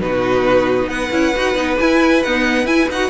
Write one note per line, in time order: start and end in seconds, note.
0.00 0.87 B2
0.00 1.11 D#4
0.00 0.89 F#4
0.00 0.89 B4
0.87 1.09 B3
0.87 3.10 B4
0.87 1.78 F#5
1.11 1.33 C#4
1.11 1.33 E4
1.36 1.54 D#4
1.36 1.55 F#4
1.54 1.76 B3
1.54 1.78 D#4
1.79 2.24 E4
1.79 2.25 E4
1.79 2.23 G#5
2.23 2.66 B3
2.23 2.66 D#4
2.23 2.66 F#5
2.66 2.88 E4
2.66 2.88 G#5
2.89 3.10 D#4
2.89 3.10 F#4
2.89 3.10 F#5